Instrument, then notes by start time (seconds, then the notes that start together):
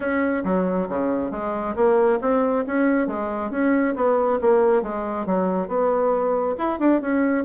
bassoon
0.00 C#4
0.44 F#3
0.88 C#3
1.31 G#3
1.75 A#3
2.21 C4
2.66 C#4
3.07 G#3
3.51 C#4
3.95 B3
4.41 A#3
4.82 G#3
5.26 F#3
5.67 B3
6.58 E4
6.79 D4
7.01 C#4